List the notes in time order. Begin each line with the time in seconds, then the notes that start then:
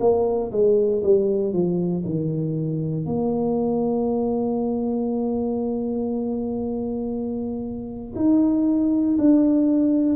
0.00 A#3
0.52 G#3
1.03 G3
1.53 F3
2.05 D#3
3.06 A#3
8.15 D#4
9.18 D4